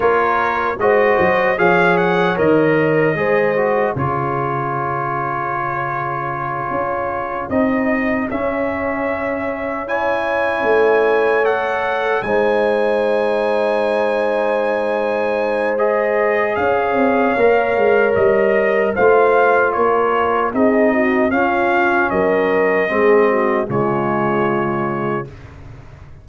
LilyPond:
<<
  \new Staff \with { instrumentName = "trumpet" } { \time 4/4 \tempo 4 = 76 cis''4 dis''4 f''8 fis''8 dis''4~ | dis''4 cis''2.~ | cis''4. dis''4 e''4.~ | e''8 gis''2 fis''4 gis''8~ |
gis''1 | dis''4 f''2 dis''4 | f''4 cis''4 dis''4 f''4 | dis''2 cis''2 | }
  \new Staff \with { instrumentName = "horn" } { \time 4/4 ais'4 c''4 cis''2 | c''4 gis'2.~ | gis'1~ | gis'8 cis''2. c''8~ |
c''1~ | c''4 cis''2. | c''4 ais'4 gis'8 fis'8 f'4 | ais'4 gis'8 fis'8 f'2 | }
  \new Staff \with { instrumentName = "trombone" } { \time 4/4 f'4 fis'4 gis'4 ais'4 | gis'8 fis'8 f'2.~ | f'4. dis'4 cis'4.~ | cis'8 e'2 a'4 dis'8~ |
dis'1 | gis'2 ais'2 | f'2 dis'4 cis'4~ | cis'4 c'4 gis2 | }
  \new Staff \with { instrumentName = "tuba" } { \time 4/4 ais4 gis8 fis8 f4 dis4 | gis4 cis2.~ | cis8 cis'4 c'4 cis'4.~ | cis'4. a2 gis8~ |
gis1~ | gis4 cis'8 c'8 ais8 gis8 g4 | a4 ais4 c'4 cis'4 | fis4 gis4 cis2 | }
>>